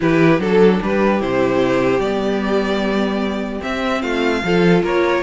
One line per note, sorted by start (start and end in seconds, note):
0.00 0.39 E3
0.00 0.39 E4
0.00 0.41 G4
0.00 0.40 B4
0.39 0.79 F#3
0.39 1.20 D4
0.39 0.80 A4
0.39 0.83 A4
0.82 1.21 G3
0.82 4.00 G4
0.82 1.21 B4
1.20 1.99 C3
1.20 2.00 E4
1.20 2.00 C5
1.99 3.60 G3
1.99 3.61 B3
1.99 3.61 D5
3.61 4.41 C4
3.61 4.02 C4
3.61 4.02 E5
4.00 4.43 A3
4.00 4.41 F4
4.00 4.82 F5
4.43 4.82 F3
4.43 5.23 F4
4.43 4.83 A4
4.82 5.23 A#3
4.82 5.23 A#4
4.82 5.23 C#5